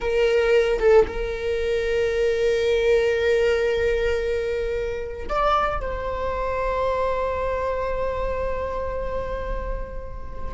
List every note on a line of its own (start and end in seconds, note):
0.00 0.79 A#4
0.79 1.05 A4
1.07 5.28 A#4
5.28 5.80 D5
5.80 10.54 C5